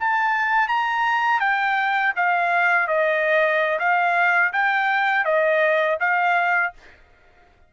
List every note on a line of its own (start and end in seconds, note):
0.00 0.68 A5
0.68 1.40 A#5
1.40 2.13 G5
2.16 2.87 F5
2.87 3.79 D#5
3.79 4.52 F5
4.53 5.25 G5
5.25 5.98 D#5
6.00 6.73 F5